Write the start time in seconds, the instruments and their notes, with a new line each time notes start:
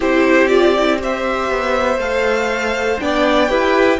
0.00 cello C4, viola E4, violin G4 C5
0.47 viola F4, violin D5
0.78 viola E4
0.99 viola G4, violin C5 E5
1.49 cello B3
1.97 cello A3, viola A4, violin F5
2.99 cello B3, viola D4, violin D5 G5
3.49 cello E4, viola G4, violin B4